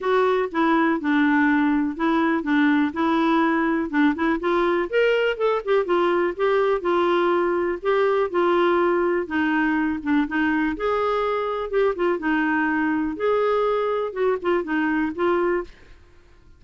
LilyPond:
\new Staff \with { instrumentName = "clarinet" } { \time 4/4 \tempo 4 = 123 fis'4 e'4 d'2 | e'4 d'4 e'2 | d'8 e'8 f'4 ais'4 a'8 g'8 | f'4 g'4 f'2 |
g'4 f'2 dis'4~ | dis'8 d'8 dis'4 gis'2 | g'8 f'8 dis'2 gis'4~ | gis'4 fis'8 f'8 dis'4 f'4 | }